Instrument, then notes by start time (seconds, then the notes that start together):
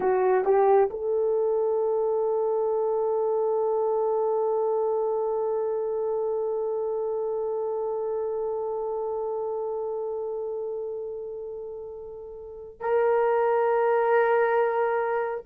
horn
0.00 F#4
0.45 G4
0.90 A4
12.79 A#4